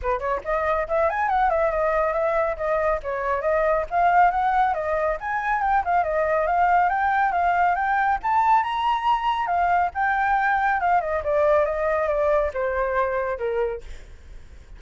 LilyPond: \new Staff \with { instrumentName = "flute" } { \time 4/4 \tempo 4 = 139 b'8 cis''8 dis''4 e''8 gis''8 fis''8 e''8 | dis''4 e''4 dis''4 cis''4 | dis''4 f''4 fis''4 dis''4 | gis''4 g''8 f''8 dis''4 f''4 |
g''4 f''4 g''4 a''4 | ais''2 f''4 g''4~ | g''4 f''8 dis''8 d''4 dis''4 | d''4 c''2 ais'4 | }